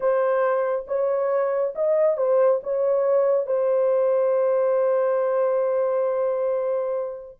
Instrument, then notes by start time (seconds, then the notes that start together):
horn
0.00 C5
0.87 C#5
1.75 D#5
2.17 C5
2.63 C#5
3.46 C5